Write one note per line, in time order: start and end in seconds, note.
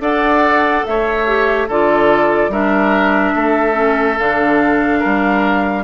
0.00 0.84 D4
0.00 1.25 A4
0.00 0.86 D5
0.00 0.86 F#5
0.86 1.69 A3
0.86 1.68 C#5
0.86 1.69 E5
1.27 1.69 G4
1.68 2.49 D3
1.68 2.52 F4
1.68 2.52 A4
1.68 2.53 D5
2.49 3.32 G3
2.49 3.74 D4
2.49 3.35 A#4
2.49 4.18 E5
3.35 4.19 A3
3.35 5.00 A4
3.74 4.15 C#4
4.18 5.03 D3
4.18 5.85 D4
4.18 5.85 F5
5.00 5.85 G3
5.00 5.83 A#4